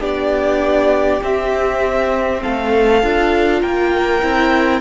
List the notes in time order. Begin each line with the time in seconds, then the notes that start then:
0.00 B3 D4 G4 D5
1.23 C4 E5
2.43 A3 A4 F5
3.03 D4 F4
3.61 A#3 A#4 G5
4.21 C4 E4